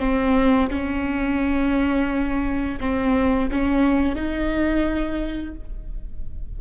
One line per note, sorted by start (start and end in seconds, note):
0.00 0.70 C4
0.70 2.80 C#4
2.80 3.50 C4
3.52 4.16 C#4
4.16 5.55 D#4